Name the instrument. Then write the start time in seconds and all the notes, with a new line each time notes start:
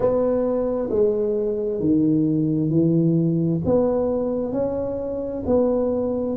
tuba
0.00 B3
0.90 G#3
1.80 D#3
2.69 E3
3.65 B3
4.52 C#4
5.45 B3